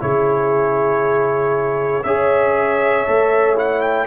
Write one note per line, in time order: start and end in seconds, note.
0.00 2.05 C#3
0.00 2.03 E4
0.00 2.05 G#4
0.00 2.03 C#5
2.03 3.07 C#4
2.03 3.07 G#4
2.03 4.07 C#5
2.03 3.56 E5
3.07 4.07 A3
3.07 3.56 A4
3.56 4.07 E4
3.56 3.81 F#5
3.81 4.07 G5